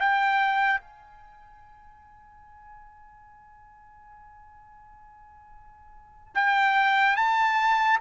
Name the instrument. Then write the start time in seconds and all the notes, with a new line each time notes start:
trumpet
0.00 G5
0.81 G#5
6.35 G5
7.17 A5